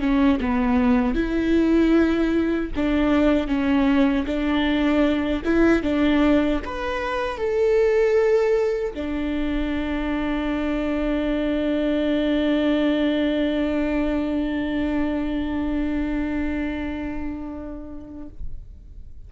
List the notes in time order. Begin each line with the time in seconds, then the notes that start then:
0.00 C#4
0.40 B3
1.14 E4
2.76 D4
3.47 C#4
4.26 D4
5.44 E4
5.82 D4
6.65 B4
7.37 A4
8.94 D4